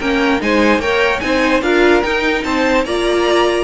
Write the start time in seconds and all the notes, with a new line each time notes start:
0.00 A#3 C#4 A#4 G5
0.40 G#3 D#4 C5 G#5
0.78 A#3 A#4 C#5 G5
1.20 C4 D#4 G#5
1.26 C5
1.62 D4 F4 A#4 F5
2.03 D#4 G5
2.44 C4 C5 A5
2.85 A#3 F4 D5 A#5